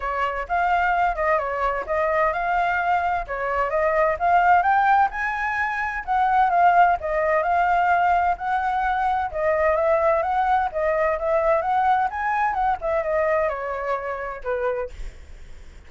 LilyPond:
\new Staff \with { instrumentName = "flute" } { \time 4/4 \tempo 4 = 129 cis''4 f''4. dis''8 cis''4 | dis''4 f''2 cis''4 | dis''4 f''4 g''4 gis''4~ | gis''4 fis''4 f''4 dis''4 |
f''2 fis''2 | dis''4 e''4 fis''4 dis''4 | e''4 fis''4 gis''4 fis''8 e''8 | dis''4 cis''2 b'4 | }